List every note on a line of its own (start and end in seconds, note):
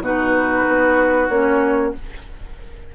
0.00 0.64 B2
0.00 1.31 D#4
0.00 1.95 F#4
0.00 1.29 B4
0.68 1.29 B3
1.29 1.93 A#3
1.29 1.94 C#4
1.29 1.93 C#5